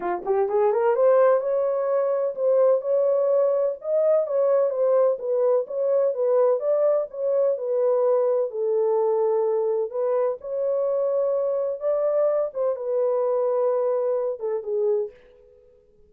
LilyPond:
\new Staff \with { instrumentName = "horn" } { \time 4/4 \tempo 4 = 127 f'8 g'8 gis'8 ais'8 c''4 cis''4~ | cis''4 c''4 cis''2 | dis''4 cis''4 c''4 b'4 | cis''4 b'4 d''4 cis''4 |
b'2 a'2~ | a'4 b'4 cis''2~ | cis''4 d''4. c''8 b'4~ | b'2~ b'8 a'8 gis'4 | }